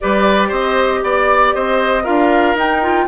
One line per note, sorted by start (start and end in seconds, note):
0.01 0.51 G3
0.01 2.04 G4
0.01 0.48 B4
0.01 0.52 D5
0.48 1.02 C4
0.48 0.99 C5
0.48 1.03 D#5
1.02 1.54 B3
1.02 1.54 D5
1.54 2.06 C4
1.54 2.03 C5
1.54 2.05 D#5
2.03 2.55 D4
2.03 2.55 F4
2.03 3.05 A#4
2.03 2.56 F5
2.55 3.06 D#4
2.55 2.82 D#4
2.55 3.07 G5
2.82 3.07 F4